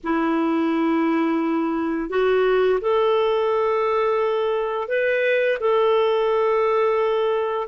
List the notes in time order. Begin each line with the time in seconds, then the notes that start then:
0.03 E4
2.09 F#4
2.81 A4
4.88 B4
5.59 A4